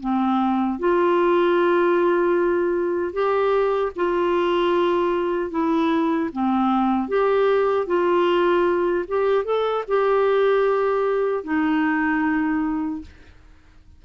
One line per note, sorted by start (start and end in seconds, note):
0.00 0.79 C4
0.79 3.13 F4
3.13 3.92 G4
3.95 5.50 F4
5.50 6.29 E4
6.32 7.08 C4
7.08 7.86 G4
7.86 9.05 F4
9.08 9.44 G4
9.44 9.84 A4
9.88 11.44 G4
11.44 13.02 D#4